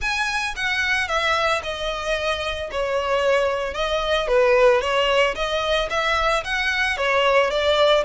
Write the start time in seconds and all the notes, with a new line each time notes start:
0.01 G#5
0.56 F#5
1.08 E5
1.63 D#5
2.71 C#5
3.74 D#5
4.27 B4
4.81 C#5
5.35 D#5
5.90 E5
6.44 F#5
6.97 C#5
7.50 D5